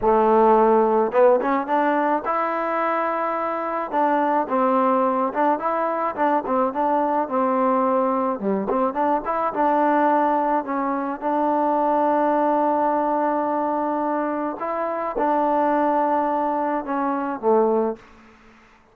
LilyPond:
\new Staff \with { instrumentName = "trombone" } { \time 4/4 \tempo 4 = 107 a2 b8 cis'8 d'4 | e'2. d'4 | c'4. d'8 e'4 d'8 c'8 | d'4 c'2 g8 c'8 |
d'8 e'8 d'2 cis'4 | d'1~ | d'2 e'4 d'4~ | d'2 cis'4 a4 | }